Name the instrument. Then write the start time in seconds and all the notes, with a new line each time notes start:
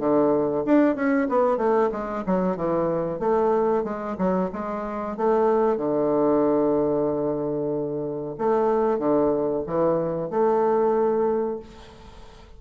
bassoon
0.00 D3
0.66 D4
0.96 C#4
1.30 B3
1.58 A3
1.92 G#3
2.27 F#3
2.57 E3
3.20 A3
3.84 G#3
4.18 F#3
4.53 G#3
5.18 A3
5.78 D3
8.39 A3
8.99 D3
9.67 E3
10.31 A3